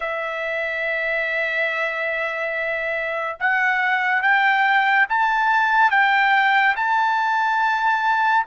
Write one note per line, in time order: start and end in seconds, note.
0.00 3.37 E5
3.39 4.22 F#5
4.22 5.06 G5
5.09 5.90 A5
5.90 6.75 G5
6.76 8.45 A5